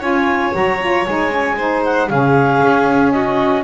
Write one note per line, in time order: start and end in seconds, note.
0.00 0.53 C#4
0.00 0.52 F4
0.00 1.55 C#5
0.00 0.54 G#5
0.52 1.07 F#3
0.52 0.78 F#4
0.52 1.06 A#5
0.80 1.06 F4
1.06 2.10 G#3
1.06 1.31 D#4
1.06 1.84 G#5
1.31 1.57 C#4
1.57 2.10 D#4
1.57 2.09 C5
1.84 2.09 F#5
2.09 2.62 C#3
2.09 3.64 C#4
2.09 3.14 G#4
2.09 3.12 F5
2.63 3.64 C#4
3.12 3.64 F#4
3.12 3.63 D#5